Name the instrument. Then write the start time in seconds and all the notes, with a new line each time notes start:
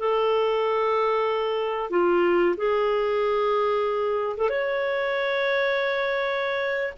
clarinet
0.00 A4
1.91 F4
2.58 G#4
4.38 A4
4.50 C#5